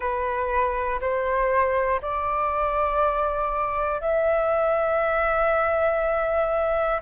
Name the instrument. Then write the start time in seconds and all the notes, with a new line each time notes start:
flute
0.00 B4
1.00 C5
2.01 D5
4.00 E5